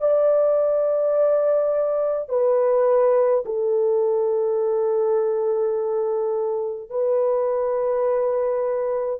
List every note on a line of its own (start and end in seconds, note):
0.00 2.29 D5
2.29 3.44 B4
3.45 6.90 A4
6.90 9.20 B4